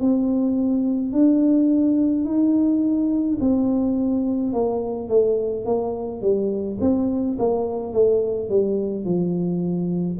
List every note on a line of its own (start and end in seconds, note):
0.00 1.12 C4
1.12 2.25 D4
2.25 3.38 D#4
3.40 4.53 C4
4.53 5.08 A#3
5.08 5.65 A3
5.65 6.21 A#3
6.21 6.78 G3
6.80 7.37 C4
7.38 7.92 A#3
7.92 8.49 A3
8.49 9.05 G3
9.05 10.18 F3